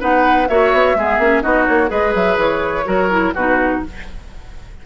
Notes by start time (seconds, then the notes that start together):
0.00 B3 D#4 B4 F#5
0.48 A#3 F#4 C#5 E5
0.73 B3
0.95 G#3 B3 G#4
1.19 A#3 C#4
1.42 B3 D#4 F#4 D#5
1.66 A#3 C#5
1.88 G#3 G#4 B4 D#5
2.15 F#3 E5
2.37 E3 C#5
2.85 F#3 F#4 A#4
3.10 E4
3.34 B2 D#4 F#4 B4